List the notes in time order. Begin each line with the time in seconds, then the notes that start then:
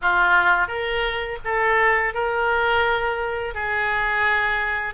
0.01 F4
0.67 A#4
1.44 A4
2.14 A#4
3.54 G#4